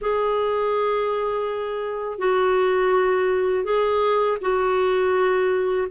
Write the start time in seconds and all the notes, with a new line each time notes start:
0.01 G#4
2.18 F#4
3.64 G#4
4.41 F#4